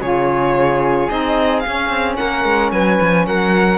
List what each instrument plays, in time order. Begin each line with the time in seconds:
0.00 cello C#3, saxophone F4, flute G#4, violin C#5
1.09 cello C4, saxophone D#4, violin D#5
1.59 saxophone C#4, violin F5
1.66 cello C#4
1.89 cello C4
2.16 cello A#3, flute A#4, violin F#5
2.44 cello G#3
2.71 cello F#3, flute B4, violin G#5
3.01 cello F3
3.26 cello F#3, flute A#4, violin F#5